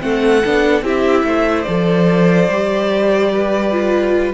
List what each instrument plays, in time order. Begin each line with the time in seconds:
0.00 cello A3, viola C4, violin A4 F#5
0.45 cello B3, viola D4
0.82 cello C4, viola E4, violin G4 E5
1.24 cello A3, violin C5
1.63 cello F3, viola A4, violin D5
2.49 cello G3, viola G4
3.33 violin B4
3.72 viola F4